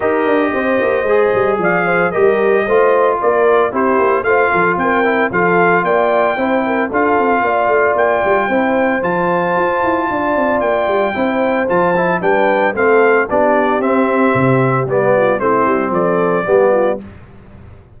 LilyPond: <<
  \new Staff \with { instrumentName = "trumpet" } { \time 4/4 \tempo 4 = 113 dis''2. f''4 | dis''2 d''4 c''4 | f''4 g''4 f''4 g''4~ | g''4 f''2 g''4~ |
g''4 a''2. | g''2 a''4 g''4 | f''4 d''4 e''2 | d''4 c''4 d''2 | }
  \new Staff \with { instrumentName = "horn" } { \time 4/4 ais'4 c''2 d''8 c''8 | ais'4 c''4 ais'4 g'4 | c''8 a'8 ais'4 a'4 d''4 | c''8 ais'8 a'4 d''2 |
c''2. d''4~ | d''4 c''2 b'4 | a'4 g'2.~ | g'8 f'8 e'4 a'4 g'8 f'8 | }
  \new Staff \with { instrumentName = "trombone" } { \time 4/4 g'2 gis'2 | g'4 f'2 e'4 | f'4. e'8 f'2 | e'4 f'2. |
e'4 f'2.~ | f'4 e'4 f'8 e'8 d'4 | c'4 d'4 c'2 | b4 c'2 b4 | }
  \new Staff \with { instrumentName = "tuba" } { \time 4/4 dis'8 d'8 c'8 ais8 gis8 g8 f4 | g4 a4 ais4 c'8 ais8 | a8 f8 c'4 f4 ais4 | c'4 d'8 c'8 ais8 a8 ais8 g8 |
c'4 f4 f'8 e'8 d'8 c'8 | ais8 g8 c'4 f4 g4 | a4 b4 c'4 c4 | g4 a8 g8 f4 g4 | }
>>